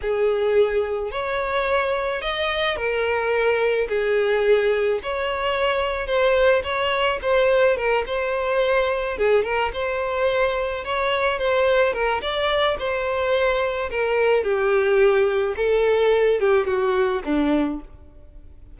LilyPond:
\new Staff \with { instrumentName = "violin" } { \time 4/4 \tempo 4 = 108 gis'2 cis''2 | dis''4 ais'2 gis'4~ | gis'4 cis''2 c''4 | cis''4 c''4 ais'8 c''4.~ |
c''8 gis'8 ais'8 c''2 cis''8~ | cis''8 c''4 ais'8 d''4 c''4~ | c''4 ais'4 g'2 | a'4. g'8 fis'4 d'4 | }